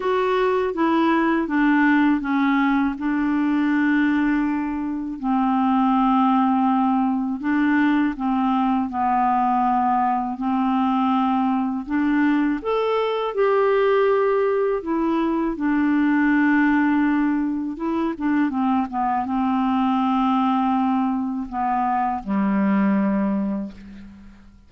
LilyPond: \new Staff \with { instrumentName = "clarinet" } { \time 4/4 \tempo 4 = 81 fis'4 e'4 d'4 cis'4 | d'2. c'4~ | c'2 d'4 c'4 | b2 c'2 |
d'4 a'4 g'2 | e'4 d'2. | e'8 d'8 c'8 b8 c'2~ | c'4 b4 g2 | }